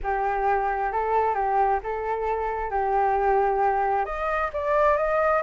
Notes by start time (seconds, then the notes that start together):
0.03 G4
0.92 A4
1.34 G4
1.83 A4
2.70 G4
4.05 D#5
4.53 D5
4.97 D#5